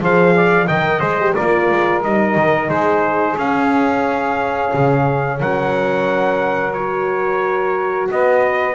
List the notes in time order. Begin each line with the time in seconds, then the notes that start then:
0.00 F3 G#4 C5 F5
0.35 D5
0.66 D#3 A#4 D#5 G5
1.00 G#3 G#4 C5
1.20 G4
1.35 A#3 F4 A#4 D5
1.71 G#3
2.03 G3 D#4 D#5
2.36 D#3
2.68 G#3 G#4 C5
3.37 C#4 F5
4.74 C#3
5.39 F#3 A#4 F#5
6.73 F#4 C#5
8.11 B3 B4 D#5